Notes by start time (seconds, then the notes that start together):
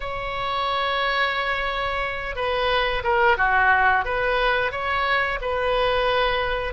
0.00 C#5
2.35 B4
3.03 A#4
3.37 F#4
4.04 B4
4.71 C#5
5.41 B4